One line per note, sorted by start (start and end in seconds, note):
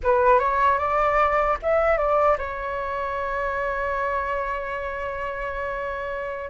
0.03 0.39 B4
0.39 0.78 C#5
0.78 1.57 D5
1.62 1.97 E5
1.97 2.37 D5
2.38 6.50 C#5